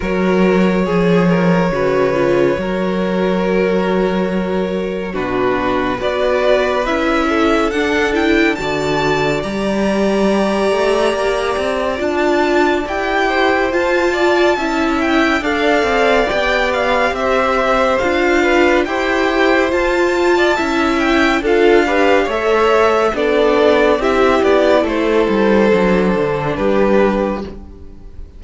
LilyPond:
<<
  \new Staff \with { instrumentName = "violin" } { \time 4/4 \tempo 4 = 70 cis''1~ | cis''2 b'4 d''4 | e''4 fis''8 g''8 a''4 ais''4~ | ais''2 a''4 g''4 |
a''4. g''8 f''4 g''8 f''8 | e''4 f''4 g''4 a''4~ | a''8 g''8 f''4 e''4 d''4 | e''8 d''8 c''2 b'4 | }
  \new Staff \with { instrumentName = "violin" } { \time 4/4 ais'4 gis'8 ais'8 b'4 ais'4~ | ais'2 fis'4 b'4~ | b'8 a'4. d''2~ | d''2.~ d''8 c''8~ |
c''8 d''8 e''4 d''2 | c''4. b'8 c''4.~ c''16 d''16 | e''4 a'8 b'8 cis''4 a'4 | g'4 a'2 g'4 | }
  \new Staff \with { instrumentName = "viola" } { \time 4/4 fis'4 gis'4 fis'8 f'8 fis'4~ | fis'2 d'4 fis'4 | e'4 d'8 e'8 fis'4 g'4~ | g'2 f'4 g'4 |
f'4 e'4 a'4 g'4~ | g'4 f'4 g'4 f'4 | e'4 f'8 g'8 a'4 d'4 | e'2 d'2 | }
  \new Staff \with { instrumentName = "cello" } { \time 4/4 fis4 f4 cis4 fis4~ | fis2 b,4 b4 | cis'4 d'4 d4 g4~ | g8 a8 ais8 c'8 d'4 e'4 |
f'4 cis'4 d'8 c'8 b4 | c'4 d'4 e'4 f'4 | cis'4 d'4 a4 b4 | c'8 b8 a8 g8 fis8 d8 g4 | }
>>